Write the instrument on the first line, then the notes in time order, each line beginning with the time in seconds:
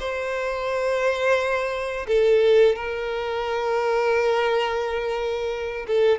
violin
0.00 C5
2.08 A4
2.76 A#4
5.87 A4